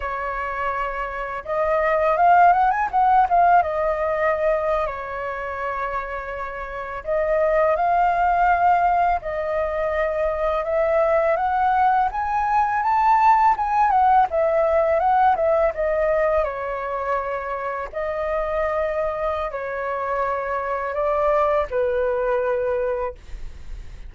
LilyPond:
\new Staff \with { instrumentName = "flute" } { \time 4/4 \tempo 4 = 83 cis''2 dis''4 f''8 fis''16 gis''16 | fis''8 f''8 dis''4.~ dis''16 cis''4~ cis''16~ | cis''4.~ cis''16 dis''4 f''4~ f''16~ | f''8. dis''2 e''4 fis''16~ |
fis''8. gis''4 a''4 gis''8 fis''8 e''16~ | e''8. fis''8 e''8 dis''4 cis''4~ cis''16~ | cis''8. dis''2~ dis''16 cis''4~ | cis''4 d''4 b'2 | }